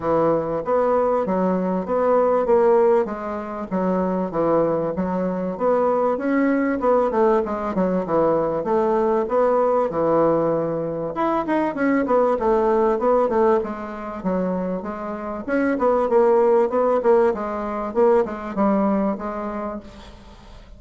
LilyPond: \new Staff \with { instrumentName = "bassoon" } { \time 4/4 \tempo 4 = 97 e4 b4 fis4 b4 | ais4 gis4 fis4 e4 | fis4 b4 cis'4 b8 a8 | gis8 fis8 e4 a4 b4 |
e2 e'8 dis'8 cis'8 b8 | a4 b8 a8 gis4 fis4 | gis4 cis'8 b8 ais4 b8 ais8 | gis4 ais8 gis8 g4 gis4 | }